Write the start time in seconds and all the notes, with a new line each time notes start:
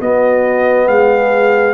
0.00 B3 F#4 D#5
0.87 G#3 G#4 F5